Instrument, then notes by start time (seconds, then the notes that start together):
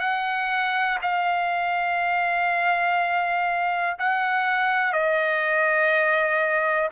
trumpet
0.00 F#5
1.02 F5
3.99 F#5
4.93 D#5